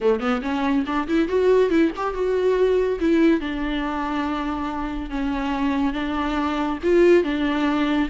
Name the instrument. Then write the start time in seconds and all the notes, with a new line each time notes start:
viola
0.01 A3
0.20 B3
0.42 C#4
0.86 D4
1.08 E4
1.28 F#4
1.70 E4
1.96 G4
2.14 F#4
3.00 E4
3.40 D4
5.09 C#4
5.93 D4
6.83 F4
7.23 D4